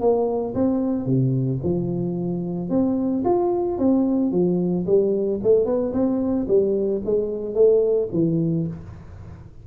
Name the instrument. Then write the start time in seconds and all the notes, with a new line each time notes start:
tuba
0.00 A#3
0.55 C4
1.06 C3
1.63 F3
2.69 C4
3.24 F4
3.78 C4
4.31 F3
4.86 G3
5.43 A3
5.65 B3
5.93 C4
6.47 G3
7.05 G#3
7.54 A3
8.13 E3